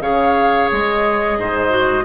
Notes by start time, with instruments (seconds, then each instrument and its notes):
0.00 bassoon C#3, clarinet G#4, oboe C#5, flute F5
0.71 bassoon G#3, flute D#5
1.38 bassoon G#2, oboe C5
1.69 clarinet F#4